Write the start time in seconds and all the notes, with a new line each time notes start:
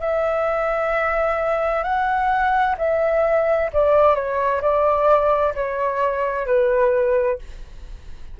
0.00 E5
1.83 F#5
2.77 E5
3.73 D5
4.15 C#5
4.61 D5
5.54 C#5
6.46 B4